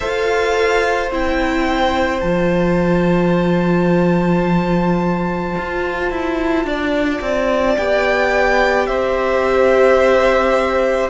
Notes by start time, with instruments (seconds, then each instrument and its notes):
0.00 cello F4, viola A4, violin C5 F5
1.11 cello C4, viola E4, violin G5
2.20 cello F3, viola F4, violin A5
5.57 cello F4
6.10 cello E4
6.64 cello D4, violin D5
7.21 cello C4
7.76 cello B3, viola G4, violin G5
8.86 cello C4, violin C5 E5